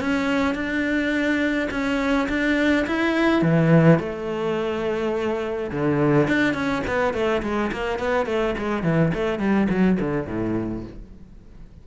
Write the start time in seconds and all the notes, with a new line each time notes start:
0.00 C#4
0.55 D4
1.71 C#4
2.29 D4
2.87 E4
3.42 E3
3.99 A3
5.71 D3
6.28 D4
6.54 C#4
6.87 B3
7.14 A3
7.43 G#3
7.72 A#3
7.99 B3
8.26 A3
8.58 G#3
8.84 E3
9.14 A3
9.39 G3
9.70 F#3
10.00 D3
10.27 A2